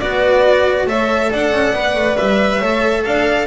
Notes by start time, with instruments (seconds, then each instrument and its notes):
0.00 double bass B3, cello F#4, horn B4, violin D5
0.86 double bass A3, cello A4, horn C#5, violin E5
1.31 double bass D4, horn D5, violin F#5
1.52 double bass C#4
1.73 double bass B3, cello B4
1.95 double bass A3
2.17 double bass G3, violin E5
2.59 double bass A3, cello A4, horn C#5
3.05 double bass D4, horn D5, violin F5